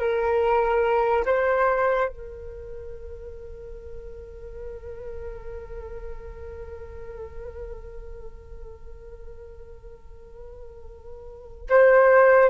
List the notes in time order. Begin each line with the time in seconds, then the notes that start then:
0.00 A#4
1.25 C5
2.09 A#4
11.70 C5